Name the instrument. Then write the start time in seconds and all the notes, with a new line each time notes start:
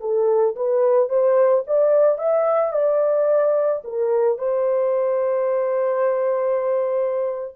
horn
0.00 A4
0.56 B4
1.09 C5
1.67 D5
2.18 E5
2.72 D5
3.84 A#4
4.38 C5